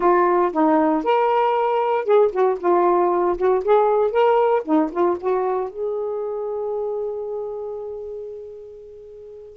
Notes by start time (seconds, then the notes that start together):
0.00 F4
0.52 D#4
1.03 A#4
2.04 G#4
2.32 F#4
2.59 F4
3.37 F#4
3.64 G#4
4.11 A#4
4.64 D#4
4.91 F4
5.20 F#4
5.69 G#4